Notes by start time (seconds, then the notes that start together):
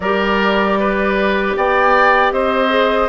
0.00 G3 G4 A#4 D5
0.79 B4
1.56 B3 D5 G5
2.31 C4 C5 D#5
2.69 G#4